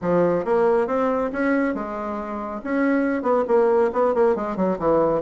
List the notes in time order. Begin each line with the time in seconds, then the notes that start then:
0.01 F3
0.44 A#3
0.87 C4
1.32 C#4
1.74 G#3
2.63 C#4
3.22 B3
3.47 A#3
3.92 B3
4.14 A#3
4.35 G#3
4.56 F#3
4.78 E3